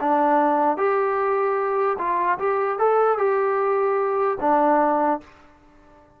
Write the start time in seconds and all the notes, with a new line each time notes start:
0.00 D4
0.77 G4
1.98 F4
2.38 G4
2.78 A4
3.17 G4
4.40 D4